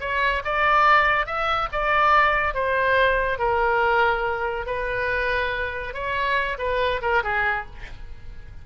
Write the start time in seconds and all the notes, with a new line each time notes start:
0.00 C#5
0.44 D5
1.26 E5
1.72 D5
2.54 C5
3.38 A#4
4.66 B4
5.94 C#5
6.58 B4
7.02 A#4
7.23 G#4